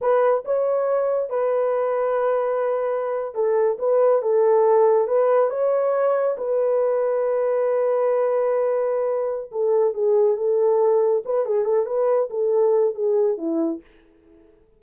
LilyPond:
\new Staff \with { instrumentName = "horn" } { \time 4/4 \tempo 4 = 139 b'4 cis''2 b'4~ | b'2.~ b'8. a'16~ | a'8. b'4 a'2 b'16~ | b'8. cis''2 b'4~ b'16~ |
b'1~ | b'2 a'4 gis'4 | a'2 b'8 gis'8 a'8 b'8~ | b'8 a'4. gis'4 e'4 | }